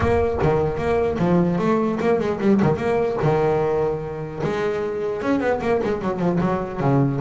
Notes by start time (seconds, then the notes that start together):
0.00 A#3
0.42 D#3
0.77 A#3
1.19 F3
1.58 A3
2.00 A#3
2.19 G#3
2.40 G3
2.62 D#3
2.77 A#3
3.22 D#3
4.43 G#3
5.22 C#4
5.40 B3
5.61 A#3
5.83 G#3
6.01 F#3
6.19 F3
6.40 F#3
6.80 C#3